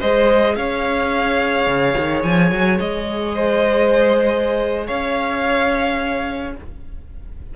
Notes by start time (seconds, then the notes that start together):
0.00 G#3 G#4 C5 D#5
0.56 C#4 C#5 F5
1.67 C#3
1.98 D#3
2.23 F3 G#5
2.52 F#3
2.80 G#3 D#5
3.35 C5
4.87 C#4 C#5 F5